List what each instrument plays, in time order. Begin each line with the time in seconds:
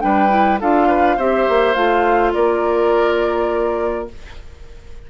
0.00 bassoon G3, clarinet D4, oboe B4, flute G5
0.29 clarinet E4
0.61 bassoon D4, clarinet F4, oboe A4, flute F5
0.88 oboe B4
1.17 bassoon C4, clarinet G4, oboe C5, flute E5
1.49 bassoon A#3
1.74 bassoon A3, clarinet F4, flute F5
2.33 bassoon A#3, oboe A#4, flute D5